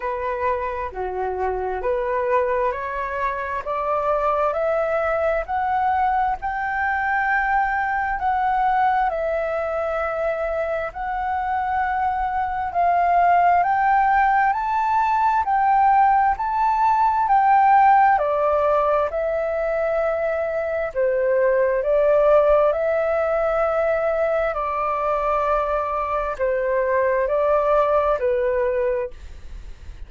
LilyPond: \new Staff \with { instrumentName = "flute" } { \time 4/4 \tempo 4 = 66 b'4 fis'4 b'4 cis''4 | d''4 e''4 fis''4 g''4~ | g''4 fis''4 e''2 | fis''2 f''4 g''4 |
a''4 g''4 a''4 g''4 | d''4 e''2 c''4 | d''4 e''2 d''4~ | d''4 c''4 d''4 b'4 | }